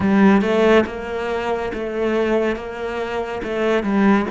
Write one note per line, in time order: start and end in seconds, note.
0.00 0.41 G3
0.41 0.84 A3
0.86 1.71 A#3
1.73 2.56 A3
2.56 3.41 A#3
3.43 3.83 A3
3.83 4.26 G3